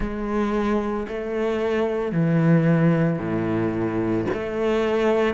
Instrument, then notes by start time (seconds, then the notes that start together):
cello
0.00 G#3
1.08 A3
2.12 E3
3.19 A2
4.33 A3